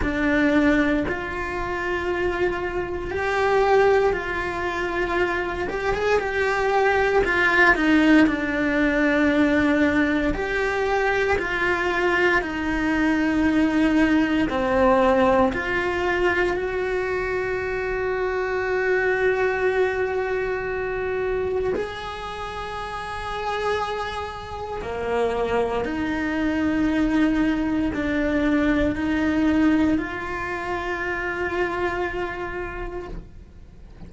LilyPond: \new Staff \with { instrumentName = "cello" } { \time 4/4 \tempo 4 = 58 d'4 f'2 g'4 | f'4. g'16 gis'16 g'4 f'8 dis'8 | d'2 g'4 f'4 | dis'2 c'4 f'4 |
fis'1~ | fis'4 gis'2. | ais4 dis'2 d'4 | dis'4 f'2. | }